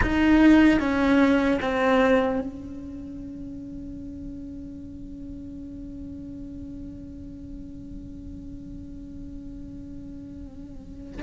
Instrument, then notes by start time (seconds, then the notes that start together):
cello
0.02 D#4
0.79 C#4
1.61 C4
2.40 C#4